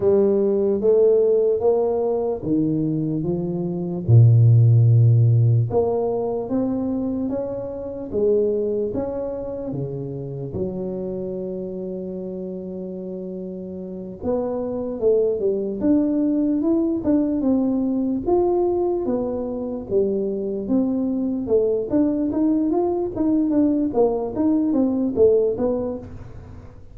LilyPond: \new Staff \with { instrumentName = "tuba" } { \time 4/4 \tempo 4 = 74 g4 a4 ais4 dis4 | f4 ais,2 ais4 | c'4 cis'4 gis4 cis'4 | cis4 fis2.~ |
fis4. b4 a8 g8 d'8~ | d'8 e'8 d'8 c'4 f'4 b8~ | b8 g4 c'4 a8 d'8 dis'8 | f'8 dis'8 d'8 ais8 dis'8 c'8 a8 b8 | }